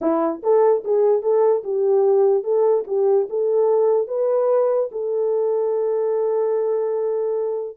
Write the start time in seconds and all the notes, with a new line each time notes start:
0.01 E4
0.42 A4
0.84 G#4
1.22 A4
1.63 G4
2.43 A4
2.87 G4
3.29 A4
4.07 B4
4.91 A4